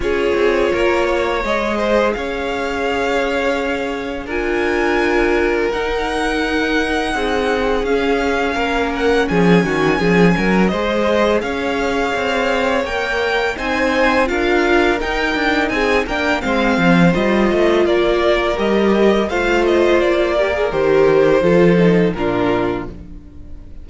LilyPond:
<<
  \new Staff \with { instrumentName = "violin" } { \time 4/4 \tempo 4 = 84 cis''2 dis''4 f''4~ | f''2 gis''2 | fis''2. f''4~ | f''8 fis''8 gis''2 dis''4 |
f''2 g''4 gis''4 | f''4 g''4 gis''8 g''8 f''4 | dis''4 d''4 dis''4 f''8 dis''8 | d''4 c''2 ais'4 | }
  \new Staff \with { instrumentName = "violin" } { \time 4/4 gis'4 ais'8 cis''4 c''8 cis''4~ | cis''2 ais'2~ | ais'2 gis'2 | ais'4 gis'8 fis'8 gis'8 ais'8 c''4 |
cis''2. c''4 | ais'2 gis'8 ais'8 c''4~ | c''4 ais'2 c''4~ | c''8 ais'4. a'4 f'4 | }
  \new Staff \with { instrumentName = "viola" } { \time 4/4 f'2 gis'2~ | gis'2 f'2 | dis'2. cis'4~ | cis'2. gis'4~ |
gis'2 ais'4 dis'4 | f'4 dis'4. d'8 c'4 | f'2 g'4 f'4~ | f'8 g'16 gis'16 g'4 f'8 dis'8 d'4 | }
  \new Staff \with { instrumentName = "cello" } { \time 4/4 cis'8 c'8 ais4 gis4 cis'4~ | cis'2 d'2 | dis'2 c'4 cis'4 | ais4 f8 dis8 f8 fis8 gis4 |
cis'4 c'4 ais4 c'4 | d'4 dis'8 d'8 c'8 ais8 gis8 f8 | g8 a8 ais4 g4 a4 | ais4 dis4 f4 ais,4 | }
>>